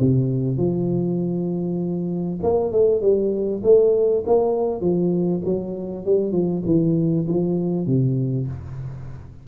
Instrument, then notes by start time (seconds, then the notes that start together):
tuba
0.00 C3
0.57 F3
2.43 A#3
2.72 A3
3.01 G3
3.63 A3
4.26 A#3
4.81 F3
5.45 F#3
6.05 G3
6.32 F3
6.66 E3
7.28 F3
7.87 C3